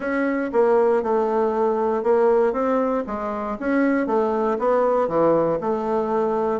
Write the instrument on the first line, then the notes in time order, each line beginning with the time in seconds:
bassoon
0.00 C#4
0.52 A#3
1.02 A3
2.03 A#3
2.52 C4
3.06 G#3
3.59 C#4
4.06 A3
4.59 B3
5.08 E3
5.60 A3